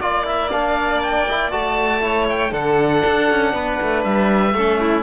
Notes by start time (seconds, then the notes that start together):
0.00 A#3 F4 D5
0.25 E4 E5
0.51 D4 F5
1.02 G5
1.28 E4
1.51 A3 F#4 A5
2.01 E4 C#5
2.29 G5
2.50 D3 D4 A4 F#5
3.06 D4
3.31 C#4
3.53 B3 B4
3.82 A3
4.04 G3 E5
4.54 A3 C#4 A4
4.80 E4